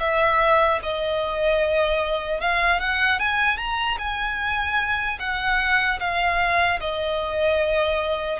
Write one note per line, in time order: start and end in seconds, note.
0.00 0.80 E5
0.83 2.41 D#5
2.41 2.80 F5
2.80 3.20 F#5
3.20 3.58 G#5
3.58 3.97 A#5
3.99 5.19 G#5
5.20 6.00 F#5
6.00 6.80 F5
6.80 8.40 D#5